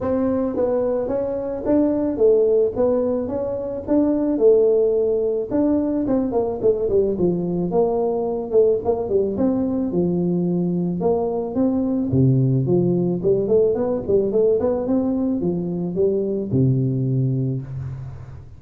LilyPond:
\new Staff \with { instrumentName = "tuba" } { \time 4/4 \tempo 4 = 109 c'4 b4 cis'4 d'4 | a4 b4 cis'4 d'4 | a2 d'4 c'8 ais8 | a8 g8 f4 ais4. a8 |
ais8 g8 c'4 f2 | ais4 c'4 c4 f4 | g8 a8 b8 g8 a8 b8 c'4 | f4 g4 c2 | }